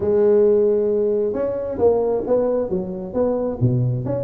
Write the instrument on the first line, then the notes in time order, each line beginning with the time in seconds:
tuba
0.00 G#3
1.33 C#4
1.78 A#3
2.26 B3
2.69 F#3
3.13 B3
3.60 B2
4.05 C#4